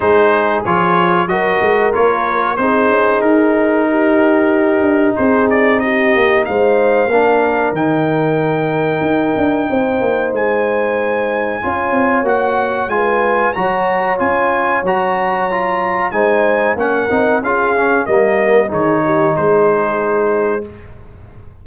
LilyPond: <<
  \new Staff \with { instrumentName = "trumpet" } { \time 4/4 \tempo 4 = 93 c''4 cis''4 dis''4 cis''4 | c''4 ais'2. | c''8 d''8 dis''4 f''2 | g''1 |
gis''2. fis''4 | gis''4 ais''4 gis''4 ais''4~ | ais''4 gis''4 fis''4 f''4 | dis''4 cis''4 c''2 | }
  \new Staff \with { instrumentName = "horn" } { \time 4/4 gis'2 ais'2 | gis'2 g'2 | gis'4 g'4 c''4 ais'4~ | ais'2. c''4~ |
c''2 cis''2 | b'4 cis''2.~ | cis''4 c''4 ais'4 gis'4 | ais'4 gis'8 g'8 gis'2 | }
  \new Staff \with { instrumentName = "trombone" } { \time 4/4 dis'4 f'4 fis'4 f'4 | dis'1~ | dis'2. d'4 | dis'1~ |
dis'2 f'4 fis'4 | f'4 fis'4 f'4 fis'4 | f'4 dis'4 cis'8 dis'8 f'8 cis'8 | ais4 dis'2. | }
  \new Staff \with { instrumentName = "tuba" } { \time 4/4 gis4 f4 fis8 gis8 ais4 | c'8 cis'8 dis'2~ dis'8 d'8 | c'4. ais8 gis4 ais4 | dis2 dis'8 d'8 c'8 ais8 |
gis2 cis'8 c'8 ais4 | gis4 fis4 cis'4 fis4~ | fis4 gis4 ais8 c'8 cis'4 | g4 dis4 gis2 | }
>>